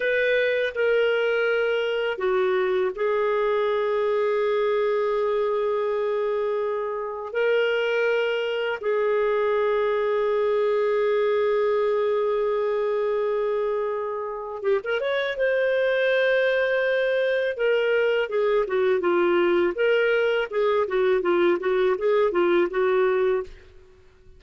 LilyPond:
\new Staff \with { instrumentName = "clarinet" } { \time 4/4 \tempo 4 = 82 b'4 ais'2 fis'4 | gis'1~ | gis'2 ais'2 | gis'1~ |
gis'1 | g'16 ais'16 cis''8 c''2. | ais'4 gis'8 fis'8 f'4 ais'4 | gis'8 fis'8 f'8 fis'8 gis'8 f'8 fis'4 | }